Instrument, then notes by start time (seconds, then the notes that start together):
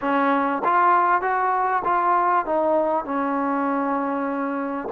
trombone
0.01 C#4
0.64 F4
1.21 F#4
1.84 F4
2.45 D#4
3.04 C#4